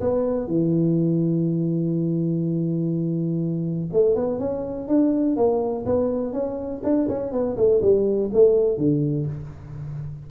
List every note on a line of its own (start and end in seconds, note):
0.00 0.47 B3
0.47 3.88 E3
3.93 4.15 A3
4.15 4.39 B3
4.39 4.88 C#4
4.88 5.36 D4
5.36 5.85 A#3
5.85 6.32 B3
6.32 6.81 C#4
6.83 7.08 D4
7.08 7.32 C#4
7.32 7.56 B3
7.56 7.81 A3
7.81 8.30 G3
8.33 8.77 A3
8.77 9.26 D3